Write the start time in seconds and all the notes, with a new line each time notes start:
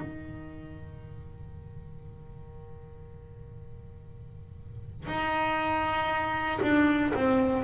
0.00 D#3
5.07 D#4
6.62 D4
7.14 C4